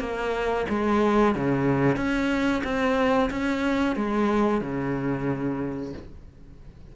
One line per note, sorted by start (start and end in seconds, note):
0.00 0.66 A#3
0.69 1.35 G#3
1.35 1.96 C#3
1.96 2.62 C#4
2.64 3.30 C4
3.30 3.96 C#4
3.96 4.61 G#3
4.61 5.93 C#3